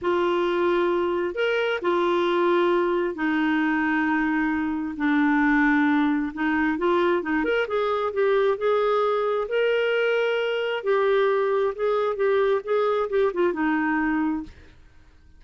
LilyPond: \new Staff \with { instrumentName = "clarinet" } { \time 4/4 \tempo 4 = 133 f'2. ais'4 | f'2. dis'4~ | dis'2. d'4~ | d'2 dis'4 f'4 |
dis'8 ais'8 gis'4 g'4 gis'4~ | gis'4 ais'2. | g'2 gis'4 g'4 | gis'4 g'8 f'8 dis'2 | }